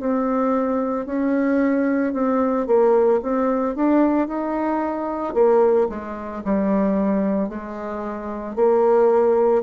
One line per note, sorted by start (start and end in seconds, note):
0.00 1.06 C4
1.06 2.13 C#4
2.13 2.67 C4
2.67 3.20 A#3
3.22 3.76 C4
3.76 4.28 D4
4.28 5.34 D#4
5.34 5.88 A#3
5.89 6.43 G#3
6.45 7.49 G3
7.49 8.56 G#3
8.56 9.63 A#3